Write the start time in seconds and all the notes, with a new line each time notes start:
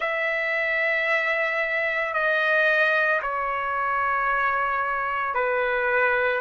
0.00 E5
2.13 D#5
3.21 C#5
5.34 B4